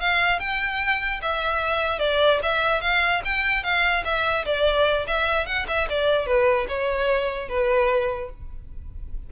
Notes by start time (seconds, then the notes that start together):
0.00 F5
0.40 G5
1.22 E5
1.99 D5
2.43 E5
2.81 F5
3.25 G5
3.63 F5
4.05 E5
4.46 D5
5.07 E5
5.46 F#5
5.68 E5
5.89 D5
6.26 B4
6.68 C#5
7.49 B4